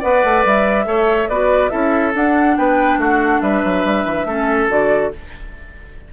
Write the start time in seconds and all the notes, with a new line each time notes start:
0.00 B3 B4 D5 F#5
0.24 A3
0.45 G3 E5
0.86 A3 A4 C#5
1.29 B3 F#4 B4 D5
1.70 C#4 E4 A4 E5
2.15 D4 F#5
2.57 B3 B4 G5
2.98 A3 F#4 F#5
3.41 G3 B4 E5
3.65 F#3
3.85 G3
4.06 E3
4.25 A3 C#4 A4
4.69 D3 F#4 D5